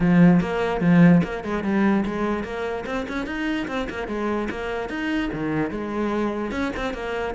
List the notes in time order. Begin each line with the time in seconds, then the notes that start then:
0.00 F3
0.40 A#3
0.80 F3
1.23 A#3
1.44 G#3
1.63 G3
2.05 G#3
2.43 A#3
2.86 C4
3.08 C#4
3.26 D#4
3.67 C4
3.89 A#3
4.07 G#3
4.50 A#3
4.89 D#4
5.33 D#3
5.71 G#3
6.51 C#4
6.76 C4
6.93 A#3